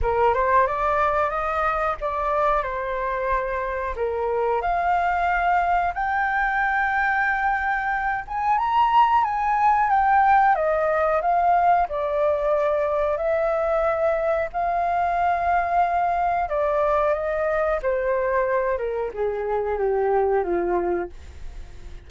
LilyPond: \new Staff \with { instrumentName = "flute" } { \time 4/4 \tempo 4 = 91 ais'8 c''8 d''4 dis''4 d''4 | c''2 ais'4 f''4~ | f''4 g''2.~ | g''8 gis''8 ais''4 gis''4 g''4 |
dis''4 f''4 d''2 | e''2 f''2~ | f''4 d''4 dis''4 c''4~ | c''8 ais'8 gis'4 g'4 f'4 | }